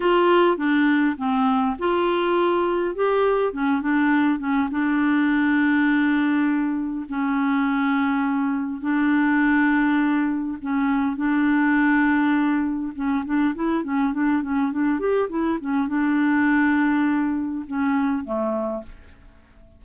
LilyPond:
\new Staff \with { instrumentName = "clarinet" } { \time 4/4 \tempo 4 = 102 f'4 d'4 c'4 f'4~ | f'4 g'4 cis'8 d'4 cis'8 | d'1 | cis'2. d'4~ |
d'2 cis'4 d'4~ | d'2 cis'8 d'8 e'8 cis'8 | d'8 cis'8 d'8 g'8 e'8 cis'8 d'4~ | d'2 cis'4 a4 | }